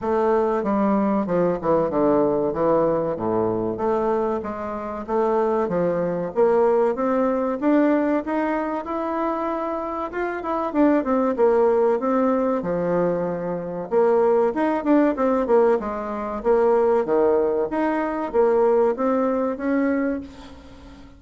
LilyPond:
\new Staff \with { instrumentName = "bassoon" } { \time 4/4 \tempo 4 = 95 a4 g4 f8 e8 d4 | e4 a,4 a4 gis4 | a4 f4 ais4 c'4 | d'4 dis'4 e'2 |
f'8 e'8 d'8 c'8 ais4 c'4 | f2 ais4 dis'8 d'8 | c'8 ais8 gis4 ais4 dis4 | dis'4 ais4 c'4 cis'4 | }